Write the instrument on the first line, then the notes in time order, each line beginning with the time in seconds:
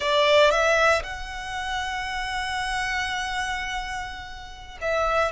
violin
0.00 D5
0.50 E5
1.03 F#5
4.81 E5